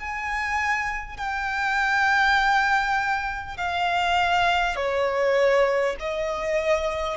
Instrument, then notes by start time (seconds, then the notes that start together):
violin
0.00 G#5
1.17 G5
3.57 F5
4.76 C#5
6.00 D#5